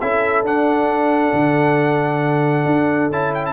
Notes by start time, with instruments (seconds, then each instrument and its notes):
0.00 tuba C#4, trombone E4, horn A4, trumpet E5
0.43 tuba D4, trombone D4, trumpet F#5
1.33 tuba D3
2.65 tuba D4
3.10 tuba C#4, trombone E4, trumpet A5
3.34 trumpet G5
3.45 trumpet A5